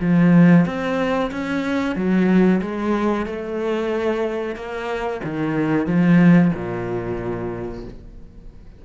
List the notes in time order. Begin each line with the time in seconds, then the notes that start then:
0.00 F3
0.65 C4
1.31 C#4
1.95 F#3
2.61 G#3
3.25 A3
4.55 A#3
5.24 D#3
5.86 F3
6.54 A#2